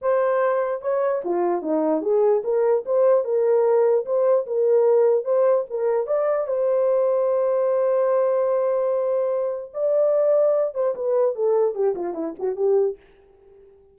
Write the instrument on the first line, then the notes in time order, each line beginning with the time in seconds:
horn
0.01 C5
0.81 C#5
1.24 F4
1.61 D#4
2.01 G#4
2.43 A#4
2.85 C5
3.24 A#4
4.05 C5
4.46 A#4
5.24 C5
5.69 A#4
6.06 D5
6.47 C5
9.73 D5
10.74 C5
10.95 B4
11.35 A4
11.74 G4
11.95 F4
12.13 E4
12.39 F#4
12.56 G4